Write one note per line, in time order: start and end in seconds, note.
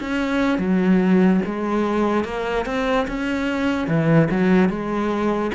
0.00 0.58 C#4
0.58 1.40 F#3
1.45 2.24 G#3
2.24 2.65 A#3
2.65 3.06 C4
3.07 3.87 C#4
3.87 4.28 E3
4.30 4.69 F#3
4.69 5.51 G#3